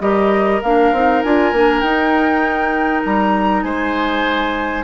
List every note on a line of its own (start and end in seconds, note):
0.00 0.61 G3
0.00 0.61 G4
0.00 3.64 A#4
0.00 0.61 D#5
0.62 0.93 A#3
0.62 0.95 D4
0.62 1.23 F5
0.93 1.23 C4
0.93 1.25 D#4
1.23 1.52 D4
1.23 1.55 F4
1.23 1.80 G#5
1.52 1.82 A#3
1.52 1.85 D4
1.80 3.03 D#4
1.80 4.84 D#4
1.80 3.02 G5
3.05 3.64 G3
3.05 3.63 A#5
3.63 4.84 G#3
3.63 4.84 C5
3.63 4.84 G#5